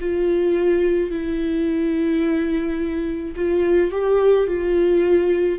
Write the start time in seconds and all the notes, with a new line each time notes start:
0.00 F4
1.10 E4
3.36 F4
3.91 G4
4.47 F4